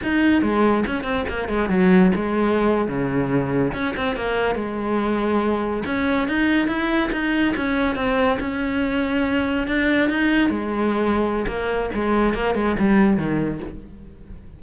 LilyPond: \new Staff \with { instrumentName = "cello" } { \time 4/4 \tempo 4 = 141 dis'4 gis4 cis'8 c'8 ais8 gis8 | fis4 gis4.~ gis16 cis4~ cis16~ | cis8. cis'8 c'8 ais4 gis4~ gis16~ | gis4.~ gis16 cis'4 dis'4 e'16~ |
e'8. dis'4 cis'4 c'4 cis'16~ | cis'2~ cis'8. d'4 dis'16~ | dis'8. gis2~ gis16 ais4 | gis4 ais8 gis8 g4 dis4 | }